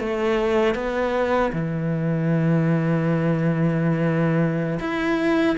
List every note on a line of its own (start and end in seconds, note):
0.00 0.75 A3
0.75 1.52 B3
1.52 4.79 E3
4.80 5.57 E4